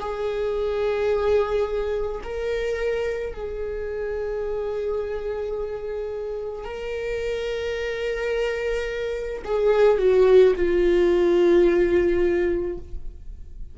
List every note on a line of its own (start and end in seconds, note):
0.00 2.22 G#4
2.24 3.33 A#4
3.33 6.65 G#4
6.65 9.43 A#4
9.45 9.98 G#4
9.98 10.54 F#4
10.56 12.78 F4